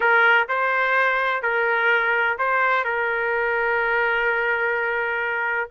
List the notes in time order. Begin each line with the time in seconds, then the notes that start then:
0.00 A#4
0.48 C5
1.42 A#4
2.38 C5
2.84 A#4